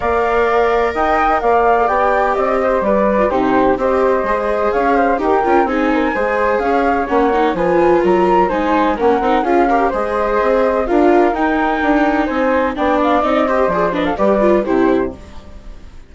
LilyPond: <<
  \new Staff \with { instrumentName = "flute" } { \time 4/4 \tempo 4 = 127 f''2 g''4 f''4 | g''4 dis''4 d''4 c''4 | dis''2 f''4 g''4 | gis''2 f''4 fis''4 |
gis''4 ais''4 gis''4 fis''4 | f''4 dis''2 f''4 | g''2 gis''4 g''8 f''8 | dis''4 d''8 dis''16 f''16 d''4 c''4 | }
  \new Staff \with { instrumentName = "flute" } { \time 4/4 d''2 dis''4 d''4~ | d''4. c''8 b'4 g'4 | c''2 cis''8 c''8 ais'4 | gis'8 ais'8 c''4 cis''2 |
b'4 ais'4 c''4 ais'4 | gis'8 ais'8 c''2 ais'4~ | ais'2 c''4 d''4~ | d''8 c''4 b'16 a'16 b'4 g'4 | }
  \new Staff \with { instrumentName = "viola" } { \time 4/4 ais'2.~ ais'8. a'16 | g'2~ g'8. f'16 dis'4 | g'4 gis'2 g'8 f'8 | dis'4 gis'2 cis'8 dis'8 |
f'2 dis'4 cis'8 dis'8 | f'8 g'8 gis'2 f'4 | dis'2. d'4 | dis'8 g'8 gis'8 d'8 g'8 f'8 e'4 | }
  \new Staff \with { instrumentName = "bassoon" } { \time 4/4 ais2 dis'4 ais4 | b4 c'4 g4 c4 | c'4 gis4 cis'4 dis'8 cis'8 | c'4 gis4 cis'4 ais4 |
f4 fis4 gis4 ais8 c'8 | cis'4 gis4 c'4 d'4 | dis'4 d'4 c'4 b4 | c'4 f4 g4 c4 | }
>>